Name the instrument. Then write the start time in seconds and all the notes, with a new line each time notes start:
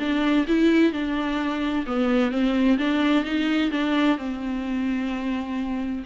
viola
0.00 D4
0.48 E4
0.93 D4
1.87 B3
2.32 C4
2.78 D4
3.25 D#4
3.71 D4
4.18 C4